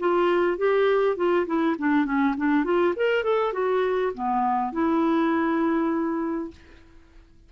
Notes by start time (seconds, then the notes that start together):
0.00 F4
0.58 G4
1.17 F4
1.47 E4
1.79 D4
2.06 C#4
2.38 D4
2.65 F4
2.96 A#4
3.24 A4
3.53 F#4
4.14 B3
4.73 E4